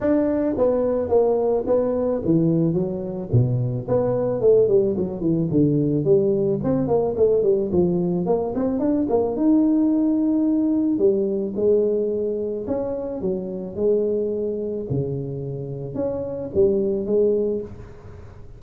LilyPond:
\new Staff \with { instrumentName = "tuba" } { \time 4/4 \tempo 4 = 109 d'4 b4 ais4 b4 | e4 fis4 b,4 b4 | a8 g8 fis8 e8 d4 g4 | c'8 ais8 a8 g8 f4 ais8 c'8 |
d'8 ais8 dis'2. | g4 gis2 cis'4 | fis4 gis2 cis4~ | cis4 cis'4 g4 gis4 | }